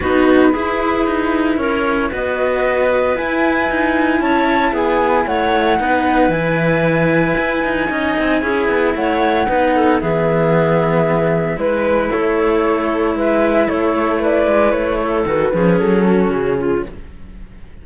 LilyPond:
<<
  \new Staff \with { instrumentName = "flute" } { \time 4/4 \tempo 4 = 114 b'2. cis''4 | dis''2 gis''2 | a''4 gis''4 fis''2 | gis''1~ |
gis''4 fis''2 e''4~ | e''2 b'4 cis''4~ | cis''4 e''4 cis''4 d''4 | cis''4 b'4 a'4 gis'4 | }
  \new Staff \with { instrumentName = "clarinet" } { \time 4/4 fis'4 gis'2 ais'4 | b'1 | cis''4 gis'4 cis''4 b'4~ | b'2. dis''4 |
gis'4 cis''4 b'8 a'8 gis'4~ | gis'2 b'4 a'4~ | a'4 b'4 a'4 b'4~ | b'8 a'4 gis'4 fis'4 f'8 | }
  \new Staff \with { instrumentName = "cello" } { \time 4/4 dis'4 e'2. | fis'2 e'2~ | e'2. dis'4 | e'2. dis'4 |
e'2 dis'4 b4~ | b2 e'2~ | e'1~ | e'4 fis'8 cis'2~ cis'8 | }
  \new Staff \with { instrumentName = "cello" } { \time 4/4 b4 e'4 dis'4 cis'4 | b2 e'4 dis'4 | cis'4 b4 a4 b4 | e2 e'8 dis'8 cis'8 c'8 |
cis'8 b8 a4 b4 e4~ | e2 gis4 a4~ | a4 gis4 a4. gis8 | a4 dis8 f8 fis4 cis4 | }
>>